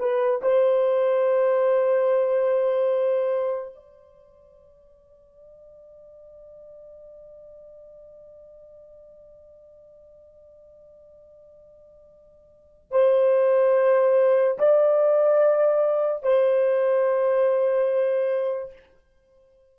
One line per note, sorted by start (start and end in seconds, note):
0.00 0.42 B4
0.42 3.75 C5
3.75 12.92 D5
12.92 14.58 C5
14.59 16.23 D5
16.23 18.73 C5